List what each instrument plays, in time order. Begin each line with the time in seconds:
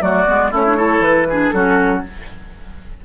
0.00 bassoon F#3, clarinet A3, oboe F#4, flute D5
0.26 bassoon G#3, clarinet B3
0.51 bassoon A3, clarinet C#4, oboe E4, flute C#5
0.67 clarinet D4
0.76 clarinet E4, oboe A4
0.99 bassoon E3, flute B4
1.29 clarinet D4, oboe G#4
1.50 bassoon F#3, clarinet C#4, oboe F#4, flute A4